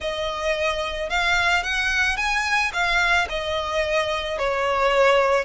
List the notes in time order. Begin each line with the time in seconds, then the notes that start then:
0.00 D#5
1.09 F5
1.63 F#5
2.17 G#5
2.73 F5
3.29 D#5
4.38 C#5